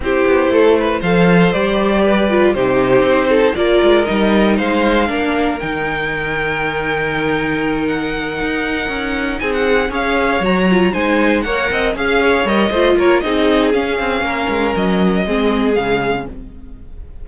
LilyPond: <<
  \new Staff \with { instrumentName = "violin" } { \time 4/4 \tempo 4 = 118 c''2 f''4 d''4~ | d''4 c''2 d''4 | dis''4 f''2 g''4~ | g''2.~ g''8 fis''8~ |
fis''2~ fis''8 gis''16 fis''8. f''8~ | f''8 ais''4 gis''4 fis''4 f''8~ | f''8 dis''4 cis''8 dis''4 f''4~ | f''4 dis''2 f''4 | }
  \new Staff \with { instrumentName = "violin" } { \time 4/4 g'4 a'8 b'8 c''2 | b'4 g'4. a'8 ais'4~ | ais'4 c''4 ais'2~ | ais'1~ |
ais'2~ ais'8 gis'4 cis''8~ | cis''4. c''4 cis''8 dis''8 f''8 | cis''4 c''8 ais'8 gis'2 | ais'2 gis'2 | }
  \new Staff \with { instrumentName = "viola" } { \time 4/4 e'2 a'4 g'4~ | g'8 f'8 dis'2 f'4 | dis'2 d'4 dis'4~ | dis'1~ |
dis'2.~ dis'8 gis'8~ | gis'8 fis'8 f'8 dis'4 ais'4 gis'8~ | gis'8 ais'8 f'4 dis'4 cis'4~ | cis'2 c'4 gis4 | }
  \new Staff \with { instrumentName = "cello" } { \time 4/4 c'8 b8 a4 f4 g4~ | g4 c4 c'4 ais8 gis8 | g4 gis4 ais4 dis4~ | dis1~ |
dis8 dis'4 cis'4 c'4 cis'8~ | cis'8 fis4 gis4 ais8 c'8 cis'8~ | cis'8 g8 a8 ais8 c'4 cis'8 c'8 | ais8 gis8 fis4 gis4 cis4 | }
>>